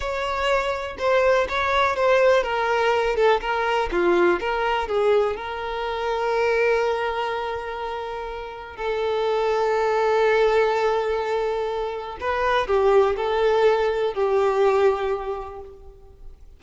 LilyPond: \new Staff \with { instrumentName = "violin" } { \time 4/4 \tempo 4 = 123 cis''2 c''4 cis''4 | c''4 ais'4. a'8 ais'4 | f'4 ais'4 gis'4 ais'4~ | ais'1~ |
ais'2 a'2~ | a'1~ | a'4 b'4 g'4 a'4~ | a'4 g'2. | }